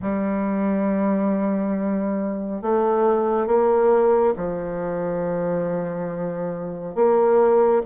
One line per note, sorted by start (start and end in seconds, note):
0.02 2.62 G3
2.62 3.47 A3
3.47 4.34 A#3
4.36 6.95 F3
6.95 7.82 A#3